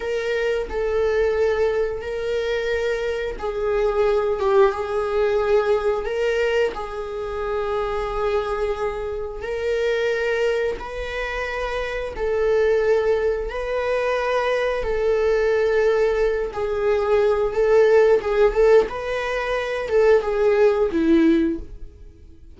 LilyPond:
\new Staff \with { instrumentName = "viola" } { \time 4/4 \tempo 4 = 89 ais'4 a'2 ais'4~ | ais'4 gis'4. g'8 gis'4~ | gis'4 ais'4 gis'2~ | gis'2 ais'2 |
b'2 a'2 | b'2 a'2~ | a'8 gis'4. a'4 gis'8 a'8 | b'4. a'8 gis'4 e'4 | }